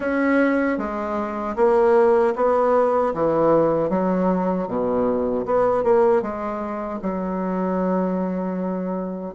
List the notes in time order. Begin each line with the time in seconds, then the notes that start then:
0.00 C#4
0.78 G#3
1.55 A#3
2.35 B3
3.14 E3
3.89 F#3
4.67 B2
5.45 B3
5.83 A#3
6.22 G#3
7.02 F#3